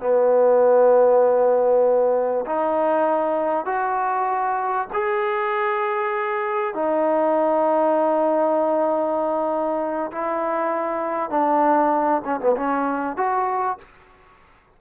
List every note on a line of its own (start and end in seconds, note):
0.00 2.45 B3
2.46 3.66 D#4
3.66 4.88 F#4
4.93 6.75 G#4
6.75 10.11 D#4
10.12 11.30 E4
11.30 12.22 D4
12.25 12.40 C#4
12.40 12.55 B3
12.56 13.17 C#4
13.17 13.78 F#4